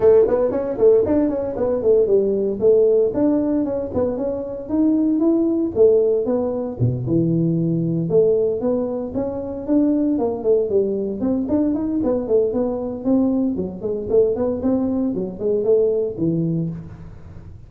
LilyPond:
\new Staff \with { instrumentName = "tuba" } { \time 4/4 \tempo 4 = 115 a8 b8 cis'8 a8 d'8 cis'8 b8 a8 | g4 a4 d'4 cis'8 b8 | cis'4 dis'4 e'4 a4 | b4 b,8 e2 a8~ |
a8 b4 cis'4 d'4 ais8 | a8 g4 c'8 d'8 dis'8 b8 a8 | b4 c'4 fis8 gis8 a8 b8 | c'4 fis8 gis8 a4 e4 | }